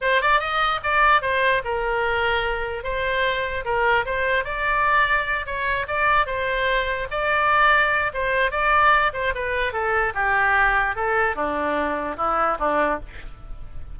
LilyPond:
\new Staff \with { instrumentName = "oboe" } { \time 4/4 \tempo 4 = 148 c''8 d''8 dis''4 d''4 c''4 | ais'2. c''4~ | c''4 ais'4 c''4 d''4~ | d''4. cis''4 d''4 c''8~ |
c''4. d''2~ d''8 | c''4 d''4. c''8 b'4 | a'4 g'2 a'4 | d'2 e'4 d'4 | }